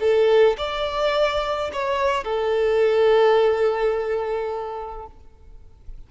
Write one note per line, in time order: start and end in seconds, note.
0.00 0.57 A4
0.58 1.71 D5
1.73 2.24 C#5
2.24 5.07 A4